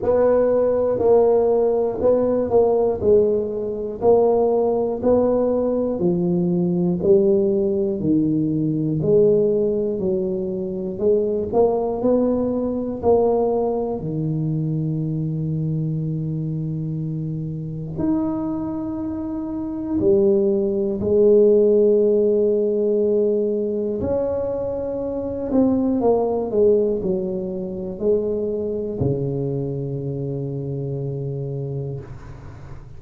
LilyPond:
\new Staff \with { instrumentName = "tuba" } { \time 4/4 \tempo 4 = 60 b4 ais4 b8 ais8 gis4 | ais4 b4 f4 g4 | dis4 gis4 fis4 gis8 ais8 | b4 ais4 dis2~ |
dis2 dis'2 | g4 gis2. | cis'4. c'8 ais8 gis8 fis4 | gis4 cis2. | }